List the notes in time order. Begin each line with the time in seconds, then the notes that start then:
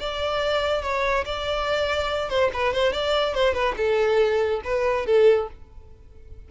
0.00 D5
0.83 C#5
1.26 D5
2.30 C5
2.54 B4
2.74 C5
2.93 D5
3.35 C5
3.54 B4
3.77 A4
4.65 B4
5.06 A4